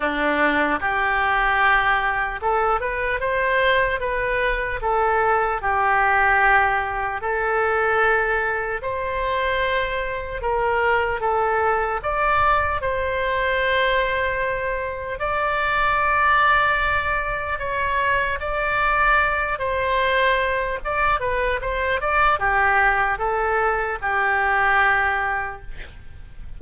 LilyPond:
\new Staff \with { instrumentName = "oboe" } { \time 4/4 \tempo 4 = 75 d'4 g'2 a'8 b'8 | c''4 b'4 a'4 g'4~ | g'4 a'2 c''4~ | c''4 ais'4 a'4 d''4 |
c''2. d''4~ | d''2 cis''4 d''4~ | d''8 c''4. d''8 b'8 c''8 d''8 | g'4 a'4 g'2 | }